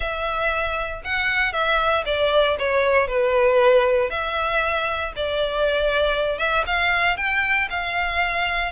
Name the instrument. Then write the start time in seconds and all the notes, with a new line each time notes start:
violin
0.00 E5
1.04 F#5
1.52 E5
2.05 D5
2.58 C#5
3.07 B4
4.10 E5
5.16 D5
6.38 E5
6.66 F5
7.17 G5
7.69 F5